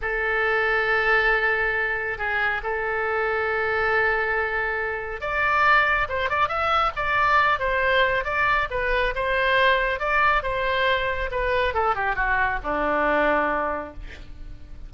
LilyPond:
\new Staff \with { instrumentName = "oboe" } { \time 4/4 \tempo 4 = 138 a'1~ | a'4 gis'4 a'2~ | a'1 | d''2 c''8 d''8 e''4 |
d''4. c''4. d''4 | b'4 c''2 d''4 | c''2 b'4 a'8 g'8 | fis'4 d'2. | }